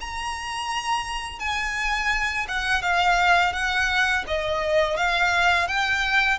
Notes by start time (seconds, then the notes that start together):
0.00 A#5
1.39 G#5
2.48 F#5
2.82 F5
3.53 F#5
4.27 D#5
4.96 F5
5.67 G5